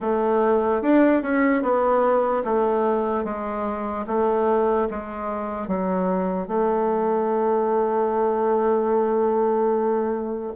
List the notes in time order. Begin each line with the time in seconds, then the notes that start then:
0.00 A3
0.81 D4
1.22 C#4
1.62 B3
2.44 A3
3.24 G#3
4.07 A3
4.90 G#3
5.68 F#3
6.47 A3